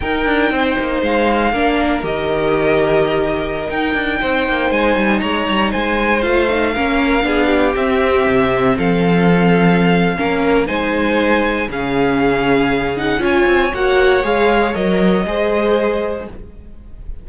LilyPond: <<
  \new Staff \with { instrumentName = "violin" } { \time 4/4 \tempo 4 = 118 g''2 f''2 | dis''2.~ dis''16 g''8.~ | g''4~ g''16 gis''4 ais''4 gis''8.~ | gis''16 f''2. e''8.~ |
e''4~ e''16 f''2~ f''8.~ | f''4 gis''2 f''4~ | f''4. fis''8 gis''4 fis''4 | f''4 dis''2. | }
  \new Staff \with { instrumentName = "violin" } { \time 4/4 ais'4 c''2 ais'4~ | ais'1~ | ais'16 c''2 cis''4 c''8.~ | c''4~ c''16 ais'4 gis'8 g'4~ g'16~ |
g'4~ g'16 a'2~ a'8. | ais'4 c''2 gis'4~ | gis'2 cis''2~ | cis''2 c''2 | }
  \new Staff \with { instrumentName = "viola" } { \time 4/4 dis'2. d'4 | g'2.~ g'16 dis'8.~ | dis'1~ | dis'16 f'8 dis'8 cis'4 d'4 c'8.~ |
c'1 | cis'4 dis'2 cis'4~ | cis'4. dis'8 f'4 fis'4 | gis'4 ais'4 gis'2 | }
  \new Staff \with { instrumentName = "cello" } { \time 4/4 dis'8 d'8 c'8 ais8 gis4 ais4 | dis2.~ dis16 dis'8 d'16~ | d'16 c'8 ais8 gis8 g8 gis8 g8 gis8.~ | gis16 a4 ais4 b4 c'8.~ |
c'16 c4 f2~ f8. | ais4 gis2 cis4~ | cis2 cis'8 c'8 ais4 | gis4 fis4 gis2 | }
>>